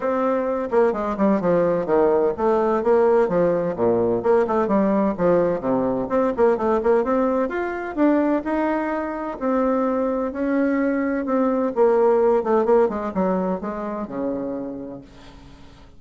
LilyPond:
\new Staff \with { instrumentName = "bassoon" } { \time 4/4 \tempo 4 = 128 c'4. ais8 gis8 g8 f4 | dis4 a4 ais4 f4 | ais,4 ais8 a8 g4 f4 | c4 c'8 ais8 a8 ais8 c'4 |
f'4 d'4 dis'2 | c'2 cis'2 | c'4 ais4. a8 ais8 gis8 | fis4 gis4 cis2 | }